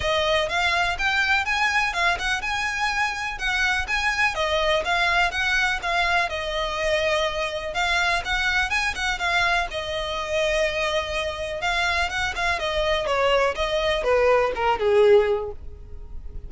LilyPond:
\new Staff \with { instrumentName = "violin" } { \time 4/4 \tempo 4 = 124 dis''4 f''4 g''4 gis''4 | f''8 fis''8 gis''2 fis''4 | gis''4 dis''4 f''4 fis''4 | f''4 dis''2. |
f''4 fis''4 gis''8 fis''8 f''4 | dis''1 | f''4 fis''8 f''8 dis''4 cis''4 | dis''4 b'4 ais'8 gis'4. | }